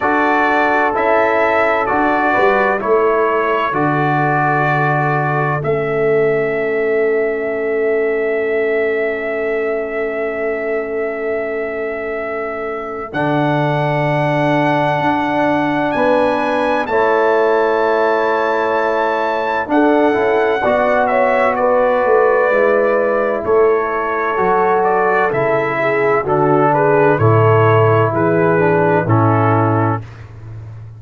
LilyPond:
<<
  \new Staff \with { instrumentName = "trumpet" } { \time 4/4 \tempo 4 = 64 d''4 e''4 d''4 cis''4 | d''2 e''2~ | e''1~ | e''2 fis''2~ |
fis''4 gis''4 a''2~ | a''4 fis''4. e''8 d''4~ | d''4 cis''4. d''8 e''4 | a'8 b'8 cis''4 b'4 a'4 | }
  \new Staff \with { instrumentName = "horn" } { \time 4/4 a'2~ a'8 b'8 a'4~ | a'1~ | a'1~ | a'1~ |
a'4 b'4 cis''2~ | cis''4 a'4 d''8 cis''8 b'4~ | b'4 a'2~ a'8 gis'8 | fis'8 gis'8 a'4 gis'4 e'4 | }
  \new Staff \with { instrumentName = "trombone" } { \time 4/4 fis'4 e'4 fis'4 e'4 | fis'2 cis'2~ | cis'1~ | cis'2 d'2~ |
d'2 e'2~ | e'4 d'8 e'8 fis'2 | e'2 fis'4 e'4 | d'4 e'4. d'8 cis'4 | }
  \new Staff \with { instrumentName = "tuba" } { \time 4/4 d'4 cis'4 d'8 g8 a4 | d2 a2~ | a1~ | a2 d2 |
d'4 b4 a2~ | a4 d'8 cis'8 b4. a8 | gis4 a4 fis4 cis4 | d4 a,4 e4 a,4 | }
>>